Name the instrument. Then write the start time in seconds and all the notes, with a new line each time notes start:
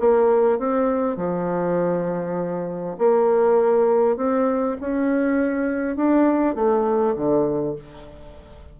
bassoon
0.00 A#3
0.59 C4
1.17 F3
2.98 A#3
4.17 C4
4.81 C#4
5.96 D4
6.55 A3
7.15 D3